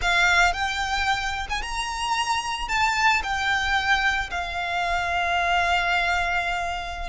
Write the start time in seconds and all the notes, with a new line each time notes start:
0.01 F5
0.53 G5
1.49 G#5
1.62 A#5
2.68 A5
3.23 G5
4.30 F5